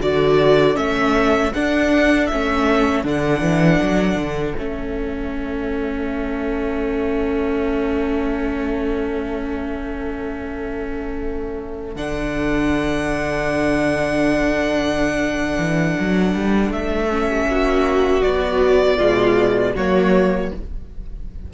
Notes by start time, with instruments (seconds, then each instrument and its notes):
0.00 cello D3, viola F#4, violin A4 D5
0.75 cello A3, viola C#4, violin E5
1.53 viola D4, cello D4, violin F#5
2.26 cello A3, viola C#4, violin E5
3.04 cello D3, viola D4, violin F#5
3.41 cello E3
3.82 cello F#3
4.16 cello D3
4.56 cello A3, viola C#4, violin E5
11.95 cello D3, viola D4, violin F#5
15.57 cello E3
15.99 cello F#3
16.33 cello G3
16.70 cello A3, violin E5
17.09 viola C#4
17.29 violin G4
17.47 cello A#3, violin F#4
18.21 viola F#3, cello B3, violin D5
18.97 cello B2, viola G#3, violin F4
19.75 cello F#3, viola A#3, violin F#4 C#5